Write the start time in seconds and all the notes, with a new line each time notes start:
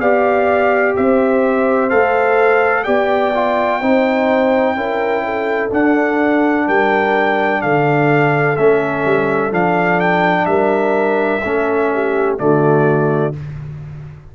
0.00 B3 G4 D5 F5
0.96 C4 C5 E5
1.90 A3 A4 F5
2.84 B3 G4 D5 G5
3.34 F4
3.81 C4 D#4 C5
4.75 C#4 E4 A#4
5.25 A4
5.70 D4 F#5
6.67 G3 A#4 G5
7.62 D3 A4 F5
8.57 A3 C#4 E5
9.05 G3
9.51 F3 D4 F5
10.00 G5
10.46 G3 A#4 E5
11.43 A3 C#4 A4
11.93 G4
12.38 D3 A3 F#4 D5